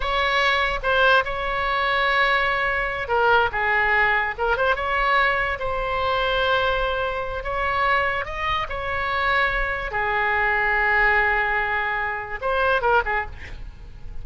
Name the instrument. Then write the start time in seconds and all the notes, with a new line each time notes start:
oboe
0.00 C#5
0.82 C5
1.24 C#5
3.08 A#4
3.52 G#4
4.37 A#4
4.56 C5
4.75 C#5
5.59 C5
7.43 C#5
8.25 D#5
8.69 C#5
9.91 G#4
12.41 C5
12.81 A#4
13.05 G#4